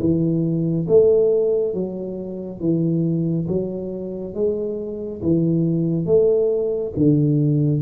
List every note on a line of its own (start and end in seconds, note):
0.00 0.87 E3
0.89 1.74 A3
1.74 2.60 F#3
2.60 3.47 E3
3.49 4.35 F#3
4.35 5.22 G#3
5.22 6.06 E3
6.06 6.93 A3
6.97 7.82 D3